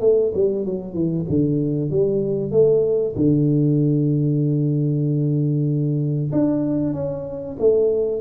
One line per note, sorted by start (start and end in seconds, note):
0.00 0.32 A3
0.34 0.65 G3
0.65 0.93 F#3
0.93 1.25 E3
1.29 1.90 D3
1.90 2.51 G3
2.51 3.14 A3
3.15 6.31 D3
6.32 6.93 D4
6.93 7.56 C#4
7.59 8.21 A3